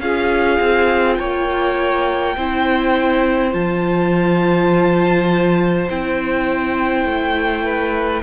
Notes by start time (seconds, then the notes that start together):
0.00 C#4 F4 G#4 F5
0.60 C4
1.14 A#3 C#5 G5
2.36 C4 E4 C5
3.52 F3 F4 A5
5.88 C4 E4 G5
7.05 A3
7.64 B4